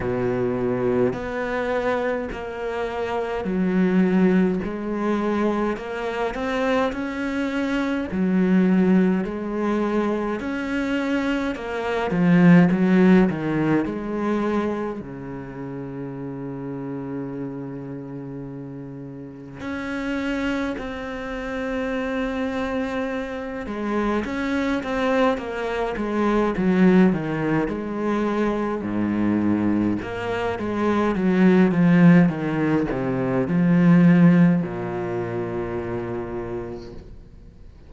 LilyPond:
\new Staff \with { instrumentName = "cello" } { \time 4/4 \tempo 4 = 52 b,4 b4 ais4 fis4 | gis4 ais8 c'8 cis'4 fis4 | gis4 cis'4 ais8 f8 fis8 dis8 | gis4 cis2.~ |
cis4 cis'4 c'2~ | c'8 gis8 cis'8 c'8 ais8 gis8 fis8 dis8 | gis4 gis,4 ais8 gis8 fis8 f8 | dis8 c8 f4 ais,2 | }